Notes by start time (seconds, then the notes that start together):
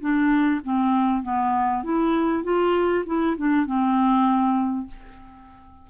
0.00 D4
0.64 C4
1.23 B3
1.83 E4
2.44 F4
3.06 E4
3.37 D4
3.66 C4